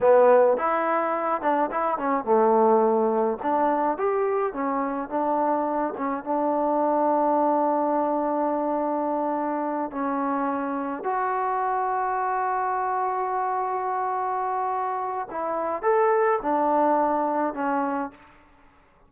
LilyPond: \new Staff \with { instrumentName = "trombone" } { \time 4/4 \tempo 4 = 106 b4 e'4. d'8 e'8 cis'8 | a2 d'4 g'4 | cis'4 d'4. cis'8 d'4~ | d'1~ |
d'4. cis'2 fis'8~ | fis'1~ | fis'2. e'4 | a'4 d'2 cis'4 | }